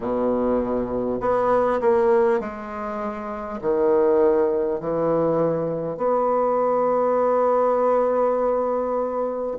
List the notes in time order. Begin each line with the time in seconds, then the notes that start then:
0.00 B2
1.20 B3
1.80 A#3
2.39 G#3
3.61 D#3
4.79 E3
5.97 B3